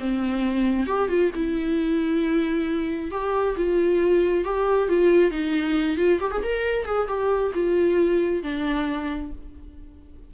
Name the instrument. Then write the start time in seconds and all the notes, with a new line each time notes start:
viola
0.00 C4
0.87 G4
1.09 F4
1.35 E4
3.11 G4
3.57 F4
4.45 G4
4.88 F4
5.31 D#4
5.97 F4
6.20 G4
6.31 G#4
6.43 A#4
6.86 G#4
7.08 G4
7.55 F4
8.43 D4